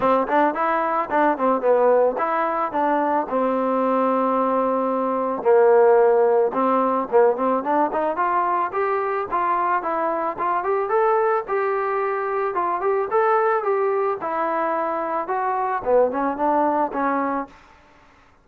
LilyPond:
\new Staff \with { instrumentName = "trombone" } { \time 4/4 \tempo 4 = 110 c'8 d'8 e'4 d'8 c'8 b4 | e'4 d'4 c'2~ | c'2 ais2 | c'4 ais8 c'8 d'8 dis'8 f'4 |
g'4 f'4 e'4 f'8 g'8 | a'4 g'2 f'8 g'8 | a'4 g'4 e'2 | fis'4 b8 cis'8 d'4 cis'4 | }